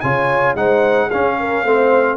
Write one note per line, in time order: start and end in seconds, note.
0.00 0.55 C#3
0.00 0.56 F4
0.00 0.56 C#5
0.00 0.54 G#5
0.55 1.09 G#3
0.55 1.10 D#4
0.55 1.07 C5
0.55 1.10 F#5
1.07 1.64 C#4
1.07 1.66 C#4
1.07 1.34 G#4
1.07 2.17 F5
1.39 1.64 A#4
1.64 2.17 A3
1.64 2.17 C4
1.64 2.17 C5